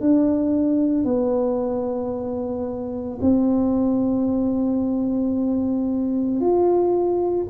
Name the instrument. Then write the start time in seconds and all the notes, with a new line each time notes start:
tuba
0.00 D4
1.04 B3
3.21 C4
6.40 F4